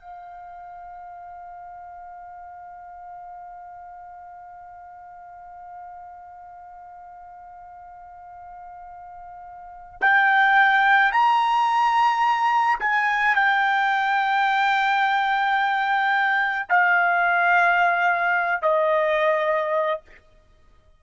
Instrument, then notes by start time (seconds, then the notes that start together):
trumpet
0.00 F5
10.01 G5
11.12 A#5
12.79 G#5
13.35 G5
16.69 F5
18.62 D#5